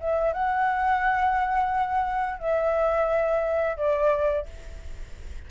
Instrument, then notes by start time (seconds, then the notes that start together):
flute
0.00 E5
0.33 F#5
2.39 E5
3.76 D5